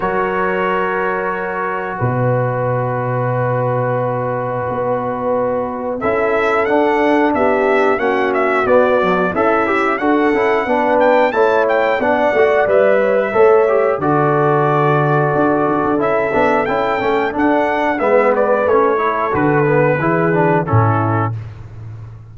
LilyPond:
<<
  \new Staff \with { instrumentName = "trumpet" } { \time 4/4 \tempo 4 = 90 cis''2. dis''4~ | dis''1~ | dis''4 e''4 fis''4 e''4 | fis''8 e''8 d''4 e''4 fis''4~ |
fis''8 g''8 a''8 g''8 fis''4 e''4~ | e''4 d''2. | e''4 g''4 fis''4 e''8 d''8 | cis''4 b'2 a'4 | }
  \new Staff \with { instrumentName = "horn" } { \time 4/4 ais'2. b'4~ | b'1~ | b'4 a'2 g'4 | fis'2 e'4 a'4 |
b'4 cis''4 d''4. cis''16 b'16 | cis''4 a'2.~ | a'2. b'4~ | b'8 a'4. gis'4 e'4 | }
  \new Staff \with { instrumentName = "trombone" } { \time 4/4 fis'1~ | fis'1~ | fis'4 e'4 d'2 | cis'4 b8 fis8 a'8 g'8 fis'8 e'8 |
d'4 e'4 d'8 fis'8 b'4 | a'8 g'8 fis'2. | e'8 d'8 e'8 cis'8 d'4 b4 | cis'8 e'8 fis'8 b8 e'8 d'8 cis'4 | }
  \new Staff \with { instrumentName = "tuba" } { \time 4/4 fis2. b,4~ | b,2. b4~ | b4 cis'4 d'4 b4 | ais4 b4 cis'4 d'8 cis'8 |
b4 a4 b8 a8 g4 | a4 d2 d'8 d16 d'16 | cis'8 b8 cis'8 a8 d'4 gis4 | a4 d4 e4 a,4 | }
>>